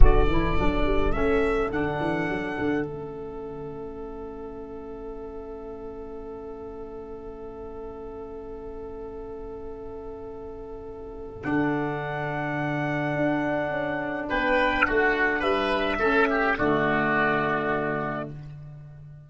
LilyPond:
<<
  \new Staff \with { instrumentName = "trumpet" } { \time 4/4 \tempo 4 = 105 d''2 e''4 fis''4~ | fis''4 e''2.~ | e''1~ | e''1~ |
e''1 | fis''1~ | fis''4 g''4 fis''4 e''4~ | e''4 d''2. | }
  \new Staff \with { instrumentName = "oboe" } { \time 4/4 a'1~ | a'1~ | a'1~ | a'1~ |
a'1~ | a'1~ | a'4 b'4 fis'4 b'4 | a'8 g'8 fis'2. | }
  \new Staff \with { instrumentName = "saxophone" } { \time 4/4 fis'8 e'8 d'4 cis'4 d'4~ | d'4 cis'2.~ | cis'1~ | cis'1~ |
cis'1 | d'1~ | d'1 | cis'4 a2. | }
  \new Staff \with { instrumentName = "tuba" } { \time 4/4 d8 e8 fis8 g8 a4 d8 e8 | fis8 d8 a2.~ | a1~ | a1~ |
a1 | d2. d'4 | cis'4 b4 a4 g4 | a4 d2. | }
>>